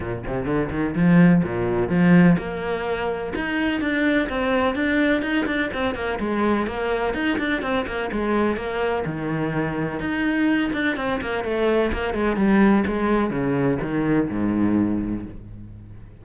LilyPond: \new Staff \with { instrumentName = "cello" } { \time 4/4 \tempo 4 = 126 ais,8 c8 d8 dis8 f4 ais,4 | f4 ais2 dis'4 | d'4 c'4 d'4 dis'8 d'8 | c'8 ais8 gis4 ais4 dis'8 d'8 |
c'8 ais8 gis4 ais4 dis4~ | dis4 dis'4. d'8 c'8 ais8 | a4 ais8 gis8 g4 gis4 | cis4 dis4 gis,2 | }